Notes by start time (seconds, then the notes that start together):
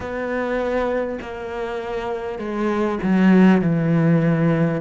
0.00 B3
1.21 A#3
2.38 G#3
3.03 F#3
3.61 E3